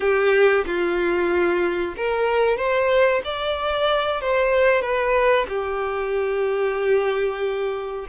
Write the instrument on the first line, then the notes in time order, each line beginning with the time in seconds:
violin
0.00 G4
0.65 F4
1.96 A#4
2.57 C5
3.24 D5
4.21 C5
4.81 B4
5.48 G4